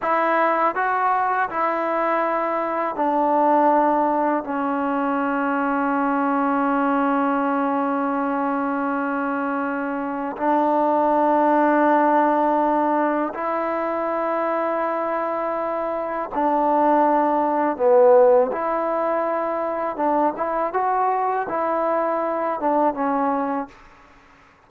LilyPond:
\new Staff \with { instrumentName = "trombone" } { \time 4/4 \tempo 4 = 81 e'4 fis'4 e'2 | d'2 cis'2~ | cis'1~ | cis'2 d'2~ |
d'2 e'2~ | e'2 d'2 | b4 e'2 d'8 e'8 | fis'4 e'4. d'8 cis'4 | }